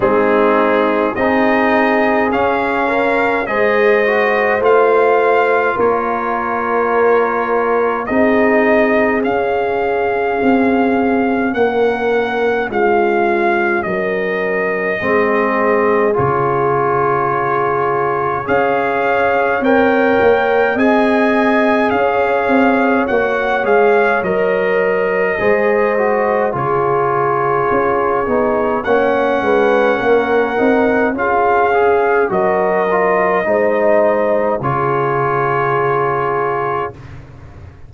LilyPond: <<
  \new Staff \with { instrumentName = "trumpet" } { \time 4/4 \tempo 4 = 52 gis'4 dis''4 f''4 dis''4 | f''4 cis''2 dis''4 | f''2 fis''4 f''4 | dis''2 cis''2 |
f''4 g''4 gis''4 f''4 | fis''8 f''8 dis''2 cis''4~ | cis''4 fis''2 f''4 | dis''2 cis''2 | }
  \new Staff \with { instrumentName = "horn" } { \time 4/4 dis'4 gis'4. ais'8 c''4~ | c''4 ais'2 gis'4~ | gis'2 ais'4 f'4 | ais'4 gis'2. |
cis''2 dis''4 cis''4~ | cis''2 c''4 gis'4~ | gis'4 cis''8 b'8 ais'4 gis'4 | ais'4 c''4 gis'2 | }
  \new Staff \with { instrumentName = "trombone" } { \time 4/4 c'4 dis'4 cis'4 gis'8 fis'8 | f'2. dis'4 | cis'1~ | cis'4 c'4 f'2 |
gis'4 ais'4 gis'2 | fis'8 gis'8 ais'4 gis'8 fis'8 f'4~ | f'8 dis'8 cis'4. dis'8 f'8 gis'8 | fis'8 f'8 dis'4 f'2 | }
  \new Staff \with { instrumentName = "tuba" } { \time 4/4 gis4 c'4 cis'4 gis4 | a4 ais2 c'4 | cis'4 c'4 ais4 gis4 | fis4 gis4 cis2 |
cis'4 c'8 ais8 c'4 cis'8 c'8 | ais8 gis8 fis4 gis4 cis4 | cis'8 b8 ais8 gis8 ais8 c'8 cis'4 | fis4 gis4 cis2 | }
>>